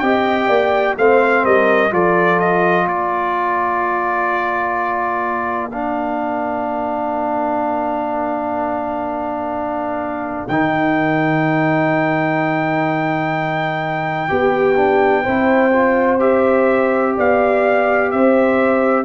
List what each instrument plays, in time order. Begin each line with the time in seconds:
0.00 tuba C4, trombone G4, horn D#5, trumpet G5
0.48 tuba A#3, horn D5
0.98 tuba A3, trombone C4, horn C5, trumpet F5
1.44 tuba G3, horn A#4, trumpet D#5
1.91 tuba F3, trombone F4, horn A4, trumpet D5
2.40 trumpet D#5
2.86 tuba A#3, horn A#4, trumpet D5
5.71 trombone D4, trumpet F5
10.48 tuba D#3, trombone D#4, trumpet G5
14.29 tuba B3, trombone G4, horn G4
14.76 trombone D4
15.23 tuba C4, trombone E4, horn C5
15.73 trombone F4
16.20 trombone G4, trumpet E5
17.16 tuba B3, horn D5, trumpet F5
18.11 tuba C4, horn C5, trumpet E5